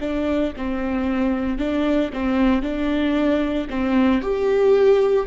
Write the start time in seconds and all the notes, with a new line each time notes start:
0.00 D4
0.56 C4
1.58 D4
2.12 C4
2.62 D4
3.69 C4
4.21 G4